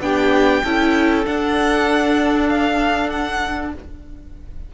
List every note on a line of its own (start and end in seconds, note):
0.00 0.62 B3
0.00 0.63 D4
0.00 0.63 G4
0.00 1.25 G5
0.63 1.26 C#4
0.63 1.25 E4
0.63 3.72 A4
1.25 3.72 D4
1.25 3.74 D4
1.25 2.49 F#5
2.49 3.09 F5
3.09 3.71 F#5